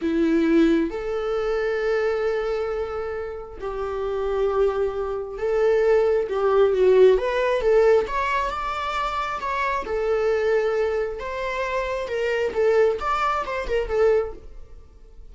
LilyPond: \new Staff \with { instrumentName = "viola" } { \time 4/4 \tempo 4 = 134 e'2 a'2~ | a'1 | g'1 | a'2 g'4 fis'4 |
b'4 a'4 cis''4 d''4~ | d''4 cis''4 a'2~ | a'4 c''2 ais'4 | a'4 d''4 c''8 ais'8 a'4 | }